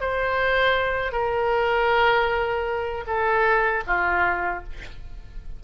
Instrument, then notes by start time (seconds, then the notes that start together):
oboe
0.00 C5
1.12 A#4
3.06 A4
3.86 F4